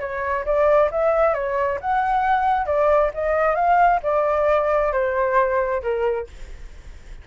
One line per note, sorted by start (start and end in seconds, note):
0.00 0.45 C#5
0.45 0.90 D5
0.91 1.34 E5
1.34 1.78 C#5
1.81 2.66 F#5
2.66 3.10 D5
3.14 3.55 D#5
3.55 4.00 F5
4.03 4.92 D5
4.92 5.82 C5
5.82 6.27 A#4